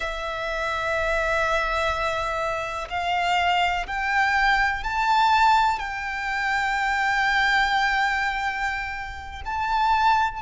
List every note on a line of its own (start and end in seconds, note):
0.00 2.88 E5
2.89 3.86 F5
3.87 4.83 G5
4.83 5.79 A5
5.79 9.42 G5
9.45 10.42 A5